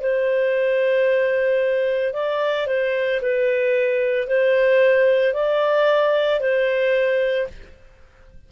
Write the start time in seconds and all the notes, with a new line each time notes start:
0.00 C5
2.13 D5
2.66 C5
3.21 B4
4.27 C5
5.33 D5
6.39 C5